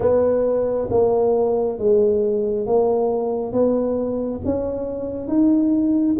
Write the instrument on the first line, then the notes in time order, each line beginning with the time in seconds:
tuba
0.00 B3
0.90 A#3
1.78 G#3
2.66 A#3
3.52 B3
4.44 C#4
5.27 D#4